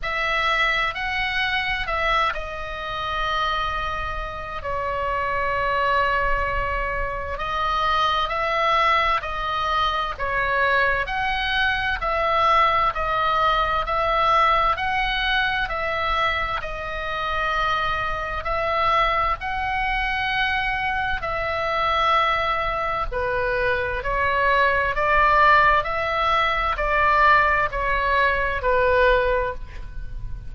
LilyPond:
\new Staff \with { instrumentName = "oboe" } { \time 4/4 \tempo 4 = 65 e''4 fis''4 e''8 dis''4.~ | dis''4 cis''2. | dis''4 e''4 dis''4 cis''4 | fis''4 e''4 dis''4 e''4 |
fis''4 e''4 dis''2 | e''4 fis''2 e''4~ | e''4 b'4 cis''4 d''4 | e''4 d''4 cis''4 b'4 | }